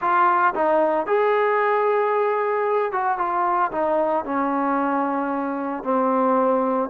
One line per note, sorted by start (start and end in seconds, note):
0.01 0.54 F4
0.54 1.06 D#4
1.06 2.92 G#4
2.92 3.18 F#4
3.18 3.71 F4
3.71 4.24 D#4
4.24 5.83 C#4
5.83 6.89 C4